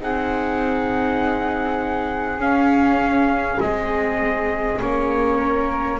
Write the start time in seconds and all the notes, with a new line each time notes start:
0.00 C4 D#4 G#4 F#5
2.38 C#4 F5
3.60 G#3 C4 D#5
4.80 A#3 C#4 C#5
5.38 A#4